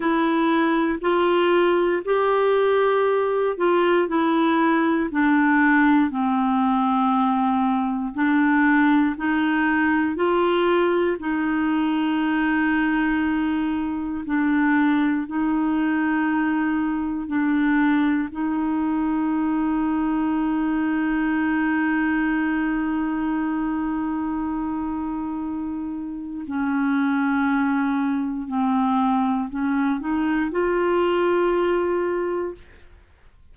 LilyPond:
\new Staff \with { instrumentName = "clarinet" } { \time 4/4 \tempo 4 = 59 e'4 f'4 g'4. f'8 | e'4 d'4 c'2 | d'4 dis'4 f'4 dis'4~ | dis'2 d'4 dis'4~ |
dis'4 d'4 dis'2~ | dis'1~ | dis'2 cis'2 | c'4 cis'8 dis'8 f'2 | }